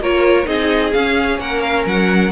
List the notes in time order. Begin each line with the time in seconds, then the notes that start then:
0.00 A#3 F4 A#4 C#5
0.45 C4 D#4 G#4 D#5
0.93 C#4 F5
1.39 A#3 A#4 F#5
1.62 F5
1.86 F#3 F#5